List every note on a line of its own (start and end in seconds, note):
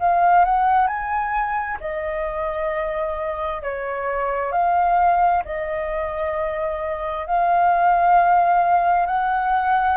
0.00 0.45 F5
0.45 0.88 F#5
0.88 1.79 G#5
1.81 3.62 D#5
3.62 4.52 C#5
4.52 5.43 F5
5.45 7.26 D#5
7.26 9.07 F5
9.07 9.98 F#5